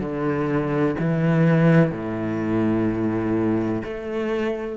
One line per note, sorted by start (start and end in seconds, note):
0.00 0.95 D3
0.99 1.91 E3
1.91 3.82 A2
3.84 4.77 A3